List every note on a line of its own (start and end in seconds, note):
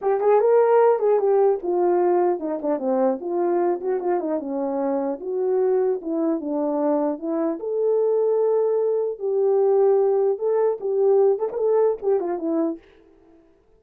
0.01 0.20 G4
0.20 0.40 G#4
0.40 0.99 A#4
0.99 1.19 G#4
1.19 1.59 G4
1.62 2.39 F4
2.39 2.59 D#4
2.62 2.78 D4
2.78 3.18 C4
3.20 3.80 F4
3.80 4.00 F#4
4.00 4.19 F4
4.19 4.39 D#4
4.39 5.19 C#4
5.20 6.00 F#4
6.01 6.40 E4
6.40 7.18 D4
7.18 7.58 E4
7.59 9.19 A4
9.19 10.38 G4
10.38 10.78 A4
10.80 11.39 G4
11.39 11.49 A4
11.52 11.97 A4
11.52 11.57 A#4
12.02 12.20 G4
12.20 12.38 F4
12.38 12.78 E4